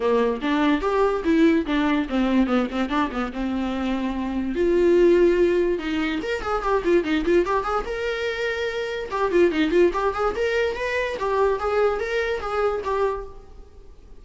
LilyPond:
\new Staff \with { instrumentName = "viola" } { \time 4/4 \tempo 4 = 145 ais4 d'4 g'4 e'4 | d'4 c'4 b8 c'8 d'8 b8 | c'2. f'4~ | f'2 dis'4 ais'8 gis'8 |
g'8 f'8 dis'8 f'8 g'8 gis'8 ais'4~ | ais'2 g'8 f'8 dis'8 f'8 | g'8 gis'8 ais'4 b'4 g'4 | gis'4 ais'4 gis'4 g'4 | }